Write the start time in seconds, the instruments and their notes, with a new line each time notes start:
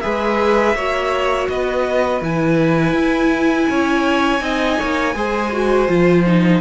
0.00 cello G#3, viola G#4, violin B4 E5
0.75 cello A#3, viola F#4, violin C#5
1.49 cello B3, violin B4 D#5
2.21 cello E3, viola E4, violin G#5
2.93 cello E4
3.69 cello C#4, violin C#5
4.40 cello C4, viola D#4, violin D#5
4.78 cello A#3, violin C#5
5.14 cello G#3, viola G#4, violin C5
5.52 viola F#4
5.88 cello F3, viola F4
6.26 viola D#4